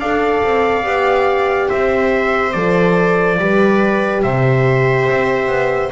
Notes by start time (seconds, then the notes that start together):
0.00 D4 A4 D5 F5
0.43 C4
0.83 B3 G4
1.69 C4 C5 E5
2.52 F3 A4 D5
3.39 G3 G4 B4
4.23 C3 C5 E5
5.09 C4
5.48 B3